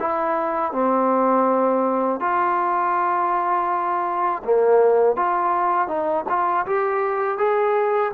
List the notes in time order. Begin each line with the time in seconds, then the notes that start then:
0.00 E4
0.72 C4
2.21 F4
4.44 A#3
5.16 F4
5.88 D#4
6.29 F4
6.66 G4
7.38 G#4